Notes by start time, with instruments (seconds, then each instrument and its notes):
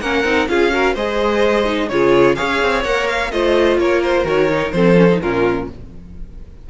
0.00 cello A#3, viola C#4, violin A#4 F#5
0.24 cello C4, viola D#4
0.48 cello C#4, viola F4, violin G#4 F5
0.71 viola F#4, violin A#4
0.94 cello G#3, viola G#4, violin C5 D#5
1.65 viola D#4
1.89 cello C#3, viola F4, violin G#4 C#5
2.35 cello C#4, viola G#4, violin C#5 F5
2.62 cello C4
2.84 cello A#3, viola A#4, violin F#5
3.07 violin F5
3.31 cello A3, viola F4, violin C5 D#5
3.77 cello A#3, violin A#4 C#5
4.03 violin C5
4.24 cello D#3, viola F#4, violin C#5
4.49 viola D#4
4.71 cello F3, viola C4, violin A4 C5
4.96 viola C#4
5.10 viola D#4
5.22 cello A#2, viola C#4, violin F4 A#4